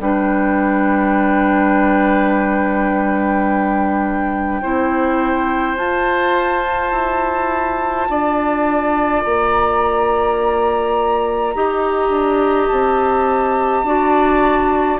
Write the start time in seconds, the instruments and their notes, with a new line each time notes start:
0.00 bassoon G3, clarinet D4, oboe B4, flute G5
4.62 bassoon C4, clarinet E4, oboe C5
5.77 bassoon F4, clarinet F4, flute A5
6.92 bassoon E4
8.10 bassoon D4, oboe D5
9.25 bassoon A#3, flute A#5
11.54 bassoon D#4, clarinet G4, oboe D#5
12.10 bassoon D4
12.68 bassoon C4, flute A5
13.84 bassoon D4, clarinet F#4, oboe D5